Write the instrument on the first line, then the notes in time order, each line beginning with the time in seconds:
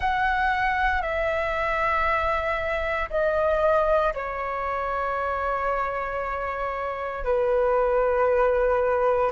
flute
0.00 F#5
1.02 E5
3.10 D#5
4.14 C#5
7.24 B4